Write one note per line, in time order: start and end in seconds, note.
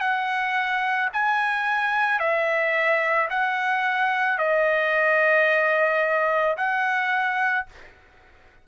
0.00 1.09 F#5
1.13 2.19 G#5
2.19 3.28 E5
3.30 4.38 F#5
4.38 6.57 D#5
6.57 7.66 F#5